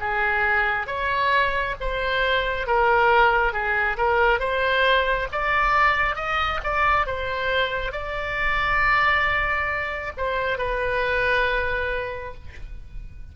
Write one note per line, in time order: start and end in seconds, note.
0.00 0.87 G#4
0.87 1.75 C#5
1.80 2.66 C5
2.66 3.53 A#4
3.53 3.97 G#4
3.97 4.39 A#4
4.39 5.27 C5
5.32 6.16 D5
6.16 6.60 D#5
6.63 7.06 D5
7.06 7.92 C5
7.92 10.12 D5
10.17 10.58 C5
10.58 12.34 B4